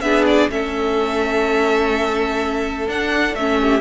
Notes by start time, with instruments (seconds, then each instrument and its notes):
0.00 cello B3, viola D4, violin G#4 E5
0.26 violin D5
0.49 cello A3, viola C#4, violin A4 E5
2.87 cello D4, viola D4, violin F#5
3.34 cello A3, viola C#4, violin E5
3.59 violin G4